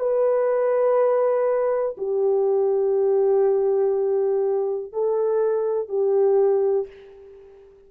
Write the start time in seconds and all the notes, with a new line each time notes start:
0.00 B4
1.98 G4
4.93 A4
5.89 G4